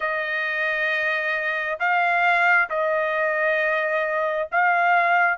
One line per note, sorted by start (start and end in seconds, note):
0.00 1.78 D#5
1.79 2.69 F5
2.69 4.48 D#5
4.51 5.38 F5